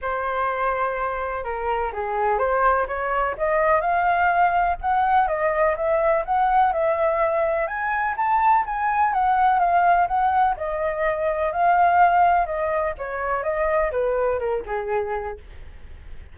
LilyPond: \new Staff \with { instrumentName = "flute" } { \time 4/4 \tempo 4 = 125 c''2. ais'4 | gis'4 c''4 cis''4 dis''4 | f''2 fis''4 dis''4 | e''4 fis''4 e''2 |
gis''4 a''4 gis''4 fis''4 | f''4 fis''4 dis''2 | f''2 dis''4 cis''4 | dis''4 b'4 ais'8 gis'4. | }